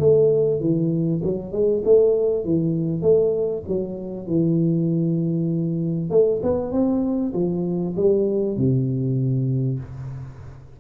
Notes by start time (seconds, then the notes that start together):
0.00 A3
0.61 E3
1.24 F#3
1.53 G#3
1.85 A3
2.45 E3
3.02 A3
3.68 F#3
4.27 E3
6.11 A3
6.43 B3
6.72 C4
7.34 F3
7.96 G3
8.58 C3